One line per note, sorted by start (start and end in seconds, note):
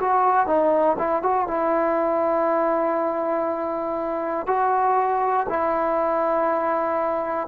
0.00 0.47 F#4
0.47 0.97 D#4
0.98 1.23 E4
1.23 1.48 F#4
1.48 4.47 E4
4.47 5.47 F#4
5.49 7.48 E4